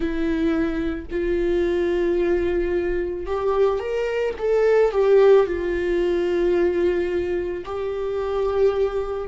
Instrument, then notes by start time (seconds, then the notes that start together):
viola
0.00 E4
1.10 F4
3.26 G4
3.79 A#4
4.38 A4
4.91 G4
5.46 F4
7.65 G4